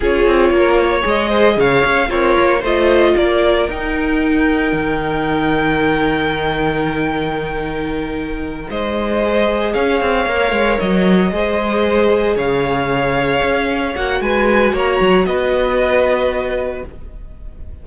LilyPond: <<
  \new Staff \with { instrumentName = "violin" } { \time 4/4 \tempo 4 = 114 cis''2 dis''4 f''4 | cis''4 dis''4 d''4 g''4~ | g''1~ | g''1~ |
g''8 dis''2 f''4.~ | f''8 dis''2. f''8~ | f''2~ f''8 fis''8 gis''4 | ais''4 dis''2. | }
  \new Staff \with { instrumentName = "violin" } { \time 4/4 gis'4 ais'8 cis''4 c''8 cis''4 | f'4 c''4 ais'2~ | ais'1~ | ais'1~ |
ais'8 c''2 cis''4.~ | cis''4. c''2 cis''8~ | cis''2. b'4 | cis''4 b'2. | }
  \new Staff \with { instrumentName = "viola" } { \time 4/4 f'2 gis'2 | ais'4 f'2 dis'4~ | dis'1~ | dis'1~ |
dis'4. gis'2 ais'8~ | ais'4. gis'2~ gis'8~ | gis'2~ gis'8 fis'4.~ | fis'1 | }
  \new Staff \with { instrumentName = "cello" } { \time 4/4 cis'8 c'8 ais4 gis4 cis8 cis'8 | c'8 ais8 a4 ais4 dis'4~ | dis'4 dis2.~ | dis1~ |
dis8 gis2 cis'8 c'8 ais8 | gis8 fis4 gis2 cis8~ | cis4. cis'4 ais8 gis4 | ais8 fis8 b2. | }
>>